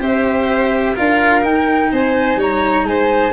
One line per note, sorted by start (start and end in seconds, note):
0.00 0.96 C4
0.00 0.95 G4
0.00 0.95 C5
0.00 0.97 E5
0.95 1.44 D4
0.95 1.41 F4
0.95 1.90 A#4
0.95 1.44 F5
1.41 3.32 D#4
1.41 1.91 D#4
1.41 1.92 G5
1.92 2.36 C4
1.92 2.39 C5
1.92 2.41 G#5
2.36 2.84 G3
2.36 2.87 C#5
2.36 2.87 A#5
2.84 3.31 G#3
2.84 3.33 C5
2.84 3.33 G#5